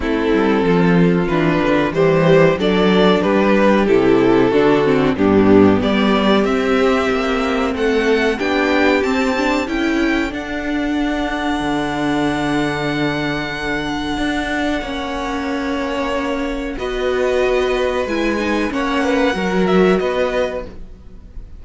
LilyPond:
<<
  \new Staff \with { instrumentName = "violin" } { \time 4/4 \tempo 4 = 93 a'2 b'4 c''4 | d''4 b'4 a'2 | g'4 d''4 e''2 | fis''4 g''4 a''4 g''4 |
fis''1~ | fis''1~ | fis''2 dis''2 | gis''4 fis''4. e''8 dis''4 | }
  \new Staff \with { instrumentName = "violin" } { \time 4/4 e'4 f'2 g'4 | a'4 g'2 fis'4 | d'4 g'2. | a'4 g'2 a'4~ |
a'1~ | a'2. cis''4~ | cis''2 b'2~ | b'4 cis''8 b'8 ais'4 b'4 | }
  \new Staff \with { instrumentName = "viola" } { \time 4/4 c'2 d'4 g4 | d'2 e'4 d'8 c'8 | b2 c'2~ | c'4 d'4 c'8 d'8 e'4 |
d'1~ | d'2. cis'4~ | cis'2 fis'2 | e'8 dis'8 cis'4 fis'2 | }
  \new Staff \with { instrumentName = "cello" } { \time 4/4 a8 g8 f4 e8 d8 e4 | fis4 g4 c4 d4 | g,4 g4 c'4 ais4 | a4 b4 c'4 cis'4 |
d'2 d2~ | d2 d'4 ais4~ | ais2 b2 | gis4 ais4 fis4 b4 | }
>>